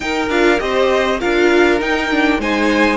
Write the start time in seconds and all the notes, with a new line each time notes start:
0.00 D#4 A#4 G5
0.29 D4 F4 F5
0.58 C4 G4 C5 D#5
1.20 D4 F4 A#4 F5
1.80 D#4 G5
2.10 D4
2.38 G#3 D#4 C5 G#5